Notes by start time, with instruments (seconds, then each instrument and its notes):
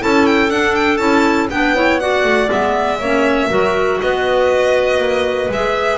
0.00 double bass C#4, clarinet E4 A4, violin A5
0.26 violin G5
0.50 clarinet D4, double bass D4, violin F#5
0.75 violin G5
0.97 double bass C#4, clarinet E4, violin A5
1.50 double bass B3, clarinet D4 B4, violin G5
1.75 clarinet E4 C#5
2.00 clarinet F#4 D5, violin F#5
2.24 double bass A3
2.48 double bass G#3, clarinet B3, violin E5
2.99 double bass A#3, clarinet C#4 C#5
3.50 double bass F#3, clarinet F#4 A#4
4.01 double bass B3, clarinet B4, violin D#5
4.98 double bass A#3
5.49 double bass G#3, clarinet G#4, violin E5